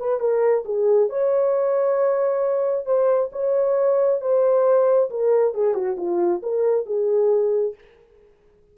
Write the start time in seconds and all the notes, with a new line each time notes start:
0.00 B4
0.20 A#4
0.65 G#4
1.10 C#5
2.86 C5
3.33 C#5
4.21 C5
5.11 A#4
5.55 G#4
5.75 F#4
5.98 F4
6.43 A#4
6.86 G#4